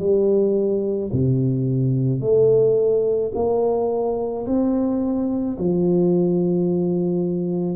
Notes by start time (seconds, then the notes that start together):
0.00 G3
1.13 C3
2.21 A3
3.35 A#3
4.47 C4
5.59 F3